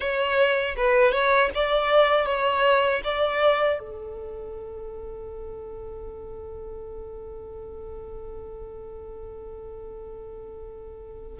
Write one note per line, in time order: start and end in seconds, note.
0.00 0.75 C#5
0.76 1.12 B4
1.12 1.49 C#5
1.54 2.25 D5
2.25 3.01 C#5
3.03 3.79 D5
3.79 11.39 A4